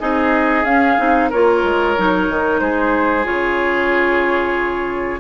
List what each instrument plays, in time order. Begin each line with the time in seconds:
0.00 bassoon C4, clarinet D#4, oboe G#4, flute D#5
0.64 bassoon C#4, clarinet C#4, flute F5
0.98 bassoon C4, clarinet D#4
1.30 bassoon A#3, clarinet F4, oboe A#4, flute C#5
1.64 bassoon G#3
1.98 bassoon F#3, clarinet D#4
2.29 bassoon D#3
2.60 bassoon G#3, oboe G#4, flute C5
3.24 bassoon C#3, clarinet F4, flute C#5